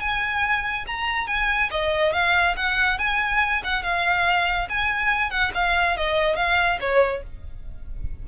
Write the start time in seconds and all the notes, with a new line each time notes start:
0.00 G#5
0.87 A#5
1.27 G#5
1.71 D#5
2.13 F5
2.56 F#5
2.98 G#5
3.64 F#5
3.83 F5
4.69 G#5
5.30 F#5
5.55 F5
5.97 D#5
6.36 F5
6.80 C#5